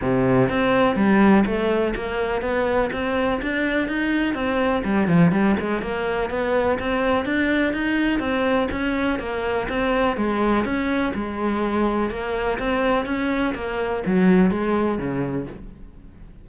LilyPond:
\new Staff \with { instrumentName = "cello" } { \time 4/4 \tempo 4 = 124 c4 c'4 g4 a4 | ais4 b4 c'4 d'4 | dis'4 c'4 g8 f8 g8 gis8 | ais4 b4 c'4 d'4 |
dis'4 c'4 cis'4 ais4 | c'4 gis4 cis'4 gis4~ | gis4 ais4 c'4 cis'4 | ais4 fis4 gis4 cis4 | }